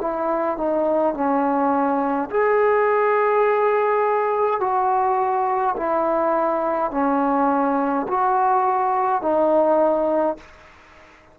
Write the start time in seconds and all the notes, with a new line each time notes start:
0.00 E4
0.57 D#4
1.14 C#4
2.30 G#4
4.60 F#4
5.76 E4
6.91 C#4
8.08 F#4
9.22 D#4